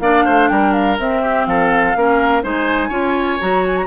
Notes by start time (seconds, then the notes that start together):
0.00 A#3 D4 D5 F5
0.25 A3 C5
0.49 G3 A#4 G5
0.73 F5
0.99 C4 E5
1.22 G4
1.46 F3 A4 F5
1.96 A#3 C#4 A#4
2.43 G#3 D#4 C5 G#5
2.89 C#4 F4 C#5
3.41 F#3 F#4 A#5
3.67 G#5
3.78 A#5